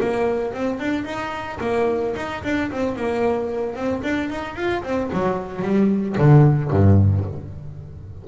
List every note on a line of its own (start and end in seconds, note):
0.00 0.54 A#3
0.54 0.80 C4
0.80 1.05 D4
1.05 1.59 D#4
1.60 2.14 A#3
2.16 2.43 D#4
2.44 2.71 D4
2.71 2.96 C4
2.96 3.75 A#3
3.75 4.02 C4
4.03 4.30 D4
4.30 4.56 D#4
4.56 4.83 F4
4.83 5.10 C4
5.13 5.62 F#3
5.62 6.16 G3
6.18 6.71 D3
6.71 7.25 G2